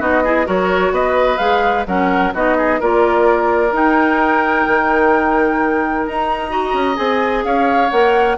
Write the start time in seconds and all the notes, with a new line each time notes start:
0.00 B3 D#4 F#4 D#5
0.24 E4 G#4
0.46 F#3 F#4 A#4 C#5
0.92 B3 B4 D#5
1.38 G#3 G#4 F5
1.87 F#3 C#4 A#4 F#5
2.34 B3 D#4 F#4 D#5
2.58 G#4
2.80 A#3 F4 A#4 D5
3.71 D#4 G5
4.67 D#3
6.07 D#4 A#5
6.50 F#4 D#5
6.74 C#4
6.96 C4 G#4 G#5
7.44 C#4 C#5 F5
7.91 A#3 A#4 F#5